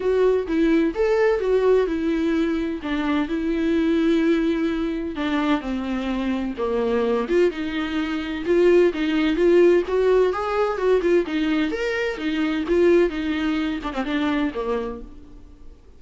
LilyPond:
\new Staff \with { instrumentName = "viola" } { \time 4/4 \tempo 4 = 128 fis'4 e'4 a'4 fis'4 | e'2 d'4 e'4~ | e'2. d'4 | c'2 ais4. f'8 |
dis'2 f'4 dis'4 | f'4 fis'4 gis'4 fis'8 f'8 | dis'4 ais'4 dis'4 f'4 | dis'4. d'16 c'16 d'4 ais4 | }